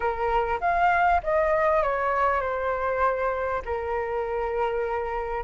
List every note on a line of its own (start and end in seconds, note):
0.00 0.59 A#4
0.60 1.21 F5
1.23 1.82 D#5
1.82 2.40 C#5
2.40 3.61 C5
3.65 5.43 A#4